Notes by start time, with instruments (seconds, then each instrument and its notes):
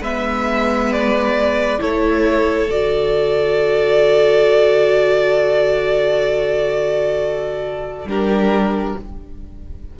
0.00 cello G#3, viola B3, violin B4 E5
0.93 violin D5
1.79 cello A3, viola E4, violin A4 C#5
2.68 cello D3, viola F#4, violin D5
8.05 cello G3, viola D4, violin G4 A#4